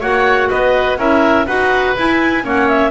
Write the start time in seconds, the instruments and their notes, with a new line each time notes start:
0.00 double bass A#3, clarinet F#4 F#5, oboe C#5
0.50 double bass B3, oboe B4, clarinet D#5
0.98 double bass C#4, clarinet E4 E5, oboe A#4
1.46 double bass D#4, clarinet F#4 F#5, oboe B4
1.97 double bass E4, clarinet E4 G#5
2.43 double bass A#3, clarinet C#4 F#5, oboe C#5
2.69 clarinet E5